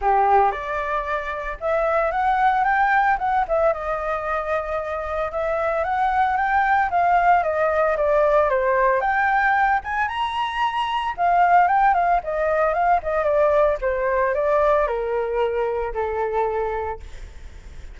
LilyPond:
\new Staff \with { instrumentName = "flute" } { \time 4/4 \tempo 4 = 113 g'4 d''2 e''4 | fis''4 g''4 fis''8 e''8 dis''4~ | dis''2 e''4 fis''4 | g''4 f''4 dis''4 d''4 |
c''4 g''4. gis''8 ais''4~ | ais''4 f''4 g''8 f''8 dis''4 | f''8 dis''8 d''4 c''4 d''4 | ais'2 a'2 | }